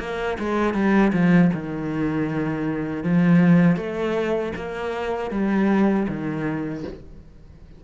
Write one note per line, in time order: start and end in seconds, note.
0.00 0.38 A#3
0.39 0.74 G#3
0.74 1.12 G3
1.14 1.52 F3
1.54 3.04 D#3
3.04 3.77 F3
3.77 4.53 A3
4.56 5.31 A#3
5.31 6.07 G3
6.09 6.85 D#3